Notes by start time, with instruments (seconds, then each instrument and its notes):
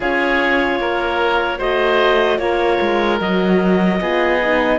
0.00 cello C#4, horn F4, oboe G#4, clarinet C#5
0.79 cello A#3, oboe A#4
1.58 cello A3, horn F#4, oboe C5, clarinet D#5
2.38 cello A#3, horn F4, oboe A#4, clarinet C#5
2.81 cello G#3
3.19 cello F#3, horn F#4, clarinet D#5
4.00 cello B3, horn F4, oboe G#4
4.42 horn D#4